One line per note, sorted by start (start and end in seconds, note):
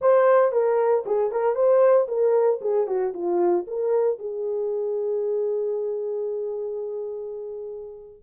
0.01 0.52 C5
0.52 1.04 A#4
1.06 1.31 G#4
1.31 1.55 A#4
1.55 2.07 C5
2.08 2.60 A#4
2.61 2.87 G#4
2.87 3.13 F#4
3.13 3.65 F4
3.67 4.19 A#4
4.19 8.22 G#4